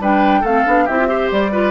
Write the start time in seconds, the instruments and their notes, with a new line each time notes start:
0.00 bassoon G3, clarinet D4, oboe B4, flute G5
0.41 bassoon A3, clarinet C4, oboe A4, flute F5
0.66 bassoon B3, clarinet D4
0.85 bassoon C4, clarinet E4, oboe G4, flute E5
0.99 clarinet F4
1.08 clarinet G4, oboe C5
1.31 bassoon G3, flute D5
1.52 clarinet F4, oboe B4